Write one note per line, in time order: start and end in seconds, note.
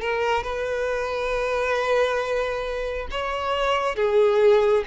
0.00 0.43 A#4
0.43 3.07 B4
3.10 3.95 C#5
3.95 4.83 G#4